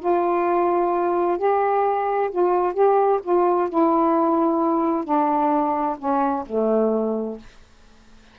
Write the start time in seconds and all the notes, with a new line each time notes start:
0.00 F4
1.38 G4
2.31 F4
2.74 G4
3.23 F4
3.70 E4
5.05 D4
5.99 C#4
6.46 A3